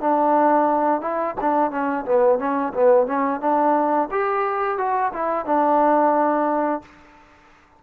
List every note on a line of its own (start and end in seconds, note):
0.00 1.01 D4
1.01 1.35 E4
1.40 1.70 D4
1.70 2.05 C#4
2.05 2.38 B3
2.38 2.72 C#4
2.73 3.06 B3
3.06 3.40 C#4
3.40 4.08 D4
4.11 4.77 G4
4.77 5.11 F#4
5.12 5.45 E4
5.45 6.82 D4